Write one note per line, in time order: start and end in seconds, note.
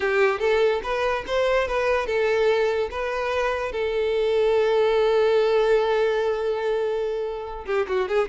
0.00 0.39 G4
0.39 0.81 A4
0.83 1.24 B4
1.26 1.67 C5
1.67 2.06 B4
2.06 2.89 A4
2.90 3.71 B4
3.71 7.65 A4
7.65 7.86 G4
7.88 8.08 F#4
8.08 8.28 G#4